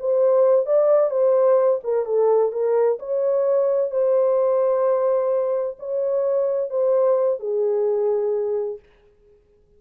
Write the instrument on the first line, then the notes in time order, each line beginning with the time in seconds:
horn
0.00 C5
0.66 D5
1.11 C5
1.84 A#4
2.06 A4
2.52 A#4
3.00 C#5
3.91 C5
5.80 C#5
6.70 C5
7.40 G#4